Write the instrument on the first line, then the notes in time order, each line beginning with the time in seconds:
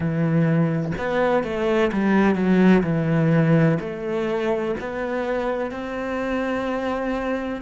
cello
0.00 E3
0.97 B3
1.43 A3
1.92 G3
2.35 F#3
2.83 E3
3.80 A3
4.80 B3
5.71 C4